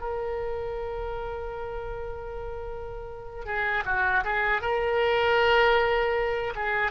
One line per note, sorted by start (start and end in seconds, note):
0.00 3.45 A#4
3.45 3.84 G#4
3.86 4.24 F#4
4.24 4.62 G#4
4.62 6.54 A#4
6.56 6.92 G#4